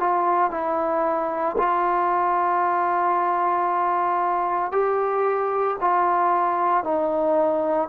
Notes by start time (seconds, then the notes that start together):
0.00 F4
0.51 E4
1.58 F4
4.72 G4
5.81 F4
6.84 D#4